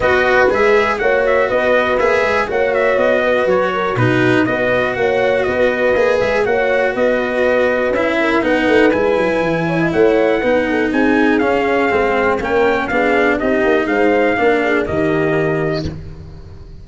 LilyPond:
<<
  \new Staff \with { instrumentName = "trumpet" } { \time 4/4 \tempo 4 = 121 dis''4 e''4 fis''8 e''8 dis''4 | e''4 fis''8 e''8 dis''4 cis''4 | b'4 dis''4 fis''4 dis''4~ | dis''8 e''8 fis''4 dis''2 |
e''4 fis''4 gis''2 | fis''2 gis''4 f''4~ | f''4 g''4 f''4 dis''4 | f''2 dis''2 | }
  \new Staff \with { instrumentName = "horn" } { \time 4/4 b'2 cis''4 b'4~ | b'4 cis''4. b'4 ais'8 | fis'4 b'4 cis''4 b'4~ | b'4 cis''4 b'2~ |
b'8 ais'8 b'2~ b'8 cis''16 dis''16 | cis''4 b'8 a'8 gis'2~ | gis'4 ais'4 gis'4 g'4 | c''4 ais'8 gis'8 g'2 | }
  \new Staff \with { instrumentName = "cello" } { \time 4/4 fis'4 gis'4 fis'2 | gis'4 fis'2. | dis'4 fis'2. | gis'4 fis'2. |
e'4 dis'4 e'2~ | e'4 dis'2 cis'4 | c'4 cis'4 d'4 dis'4~ | dis'4 d'4 ais2 | }
  \new Staff \with { instrumentName = "tuba" } { \time 4/4 b4 gis4 ais4 b4 | ais8 gis8 ais4 b4 fis4 | b,4 b4 ais4 b4 | ais8 gis8 ais4 b2 |
cis'4 b8 a8 gis8 fis8 e4 | a4 b4 c'4 cis'4 | gis4 ais4 b4 c'8 ais8 | gis4 ais4 dis2 | }
>>